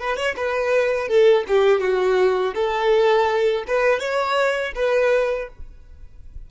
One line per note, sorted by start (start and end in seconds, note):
0.00 0.17 B4
0.17 0.35 C#5
0.36 1.08 B4
1.08 1.44 A4
1.47 1.81 G4
1.81 2.54 F#4
2.54 3.64 A4
3.68 3.99 B4
3.99 4.73 C#5
4.75 5.48 B4